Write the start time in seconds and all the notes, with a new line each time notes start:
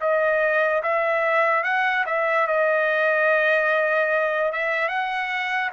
0.00 D#5
0.83 E5
1.63 F#5
2.06 E5
2.47 D#5
4.52 E5
4.88 F#5